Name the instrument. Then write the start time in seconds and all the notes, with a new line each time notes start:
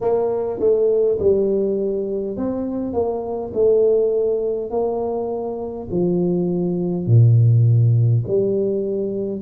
tuba
0.00 A#3
0.59 A3
1.19 G3
2.36 C4
2.93 A#3
3.53 A3
4.70 A#3
5.90 F3
7.06 A#2
8.27 G3